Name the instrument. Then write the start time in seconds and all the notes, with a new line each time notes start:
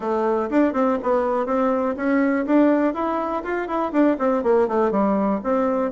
bassoon
0.00 A3
0.50 D4
0.73 C4
1.02 B3
1.46 C4
1.96 C#4
2.46 D4
2.94 E4
3.43 F4
3.67 E4
3.92 D4
4.18 C4
4.43 A#3
4.67 A3
4.91 G3
5.43 C4